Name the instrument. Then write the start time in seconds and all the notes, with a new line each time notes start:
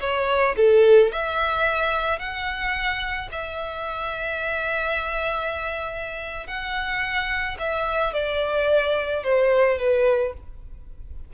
violin
0.00 C#5
0.57 A4
1.11 E5
2.19 F#5
3.31 E5
6.47 F#5
7.59 E5
8.13 D5
9.23 C5
9.78 B4